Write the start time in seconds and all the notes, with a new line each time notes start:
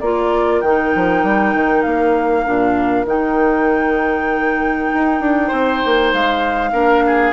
0.00 A#3 F4 A#4 D5
0.61 D#3 D#4 G5
0.95 F3
1.24 G3
1.54 D#3
1.82 A#3 F5
2.45 A#2 D4
3.05 D#3 D#4 G5
4.94 D#4
5.20 D4
5.47 C4 C5
5.85 A#3
6.13 G#3 F5
6.72 A#3 D4 A#4
7.07 G#4